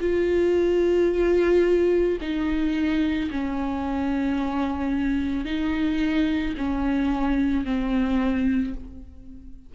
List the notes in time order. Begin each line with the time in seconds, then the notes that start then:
0.00 F4
2.21 D#4
3.31 C#4
5.45 D#4
6.58 C#4
7.65 C4